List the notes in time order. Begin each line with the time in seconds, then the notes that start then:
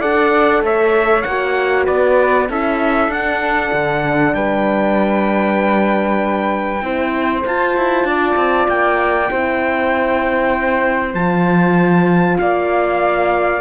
0.00 D4 A4 D5 F#5
0.62 A3 C#5 E5
1.22 A#3 F#4 F#5
1.85 B3 B4 D5
2.49 C#4 E4 A4 E5
3.08 D4 F#5
3.72 D3
4.34 G3 B4 G5
6.81 C4 E4 C5
7.45 F4 A5
7.76 E4
8.04 D4 D5
8.36 C4
8.68 A#3 G5
9.29 C4 E4 C5
11.14 F3 F4 A5
12.38 A#3 D5 F5